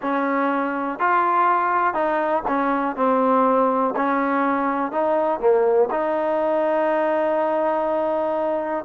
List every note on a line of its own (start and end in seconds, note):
0.02 0.99 C#4
0.99 1.94 F4
1.94 2.43 D#4
2.47 2.96 C#4
2.96 3.94 C4
3.95 4.91 C#4
4.91 5.40 D#4
5.40 5.89 A#3
5.91 8.85 D#4